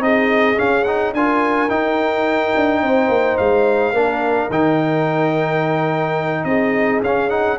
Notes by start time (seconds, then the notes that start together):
0.00 C4 D#4 G#4 D#5
0.56 C#4 F5
0.85 D#4 F#5
1.13 D4 F4 A#4 G#5
1.70 D#4 G5
2.56 D4
2.83 C4 C5
3.09 A#3
3.38 G#3 F5
3.93 A#3 D4 A#4
4.50 D#3 D#4 G5
6.45 C4 G#4 D#5
7.02 C#4 F5
7.30 D#4 F#5